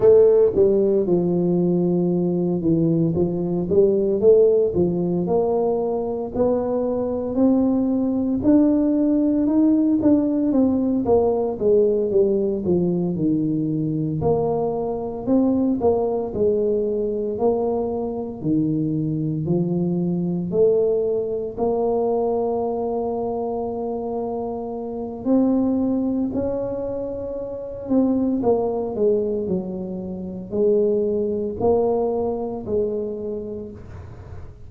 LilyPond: \new Staff \with { instrumentName = "tuba" } { \time 4/4 \tempo 4 = 57 a8 g8 f4. e8 f8 g8 | a8 f8 ais4 b4 c'4 | d'4 dis'8 d'8 c'8 ais8 gis8 g8 | f8 dis4 ais4 c'8 ais8 gis8~ |
gis8 ais4 dis4 f4 a8~ | a8 ais2.~ ais8 | c'4 cis'4. c'8 ais8 gis8 | fis4 gis4 ais4 gis4 | }